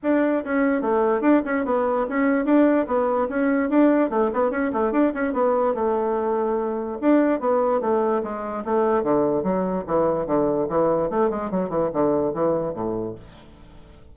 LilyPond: \new Staff \with { instrumentName = "bassoon" } { \time 4/4 \tempo 4 = 146 d'4 cis'4 a4 d'8 cis'8 | b4 cis'4 d'4 b4 | cis'4 d'4 a8 b8 cis'8 a8 | d'8 cis'8 b4 a2~ |
a4 d'4 b4 a4 | gis4 a4 d4 fis4 | e4 d4 e4 a8 gis8 | fis8 e8 d4 e4 a,4 | }